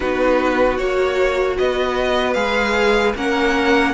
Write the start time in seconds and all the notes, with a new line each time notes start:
0.00 B3 D#4 F#4 B4
0.76 A#3 F#4 C#5
1.58 B3 B4 D#5
2.33 G#3 G#4 F5
3.15 A#3 C#4 A#4 F#5